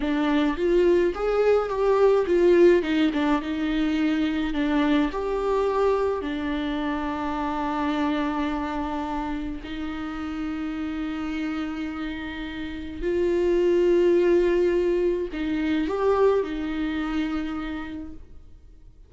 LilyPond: \new Staff \with { instrumentName = "viola" } { \time 4/4 \tempo 4 = 106 d'4 f'4 gis'4 g'4 | f'4 dis'8 d'8 dis'2 | d'4 g'2 d'4~ | d'1~ |
d'4 dis'2.~ | dis'2. f'4~ | f'2. dis'4 | g'4 dis'2. | }